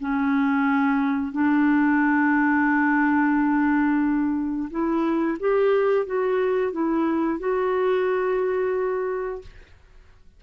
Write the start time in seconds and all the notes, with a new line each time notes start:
0.00 C#4
1.32 D4
4.71 E4
5.40 G4
6.06 F#4
6.72 E4
7.39 F#4